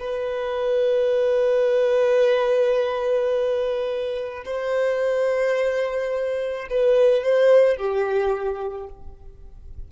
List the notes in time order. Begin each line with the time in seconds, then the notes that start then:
0.00 B4
4.46 C5
6.71 B4
7.24 C5
7.77 G4